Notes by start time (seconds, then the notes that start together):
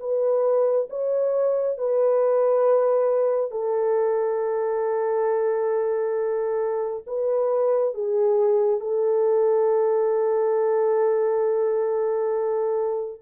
0.00 B4
0.90 C#5
1.78 B4
3.51 A4
7.07 B4
7.95 G#4
8.80 A4